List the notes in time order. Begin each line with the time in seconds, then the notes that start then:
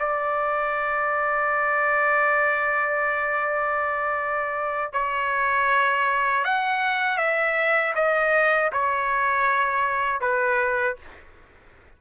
0.00 D5
4.93 C#5
6.45 F#5
7.18 E5
7.96 D#5
8.73 C#5
10.21 B4